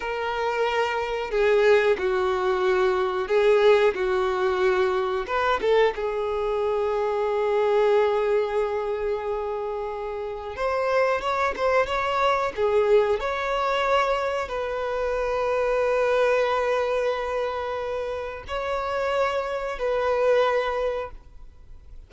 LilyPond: \new Staff \with { instrumentName = "violin" } { \time 4/4 \tempo 4 = 91 ais'2 gis'4 fis'4~ | fis'4 gis'4 fis'2 | b'8 a'8 gis'2.~ | gis'1 |
c''4 cis''8 c''8 cis''4 gis'4 | cis''2 b'2~ | b'1 | cis''2 b'2 | }